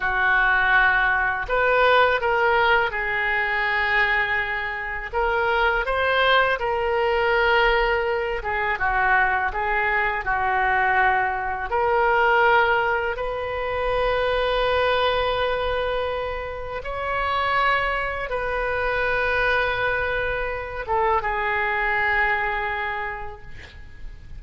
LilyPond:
\new Staff \with { instrumentName = "oboe" } { \time 4/4 \tempo 4 = 82 fis'2 b'4 ais'4 | gis'2. ais'4 | c''4 ais'2~ ais'8 gis'8 | fis'4 gis'4 fis'2 |
ais'2 b'2~ | b'2. cis''4~ | cis''4 b'2.~ | b'8 a'8 gis'2. | }